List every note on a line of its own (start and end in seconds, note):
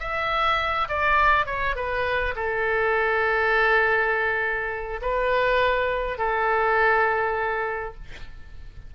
0.00 0.88 E5
0.89 1.47 D5
1.47 1.76 C#5
1.76 2.35 B4
2.36 5.01 A4
5.02 6.18 B4
6.18 7.95 A4